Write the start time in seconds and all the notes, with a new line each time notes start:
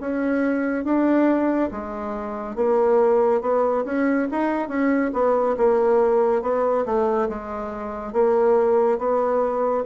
0.00 C#4
0.84 D4
1.71 G#3
2.55 A#3
3.41 B3
3.85 C#4
4.31 D#4
4.68 C#4
5.13 B3
5.57 A#3
6.42 B3
6.85 A3
7.28 G#3
8.12 A#3
8.98 B3